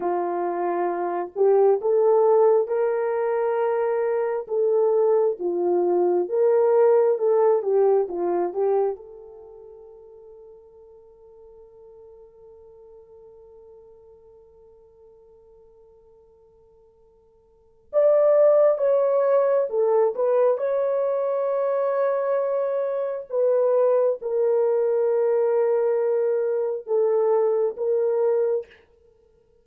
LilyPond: \new Staff \with { instrumentName = "horn" } { \time 4/4 \tempo 4 = 67 f'4. g'8 a'4 ais'4~ | ais'4 a'4 f'4 ais'4 | a'8 g'8 f'8 g'8 a'2~ | a'1~ |
a'1 | d''4 cis''4 a'8 b'8 cis''4~ | cis''2 b'4 ais'4~ | ais'2 a'4 ais'4 | }